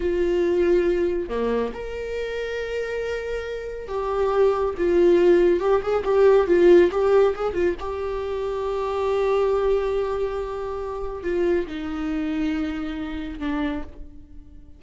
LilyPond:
\new Staff \with { instrumentName = "viola" } { \time 4/4 \tempo 4 = 139 f'2. ais4 | ais'1~ | ais'4 g'2 f'4~ | f'4 g'8 gis'8 g'4 f'4 |
g'4 gis'8 f'8 g'2~ | g'1~ | g'2 f'4 dis'4~ | dis'2. d'4 | }